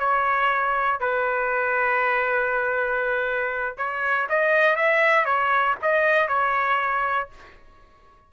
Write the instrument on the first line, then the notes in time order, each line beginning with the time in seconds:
trumpet
0.00 C#5
1.00 B4
3.77 C#5
4.29 D#5
4.76 E5
5.26 C#5
5.82 D#5
6.28 C#5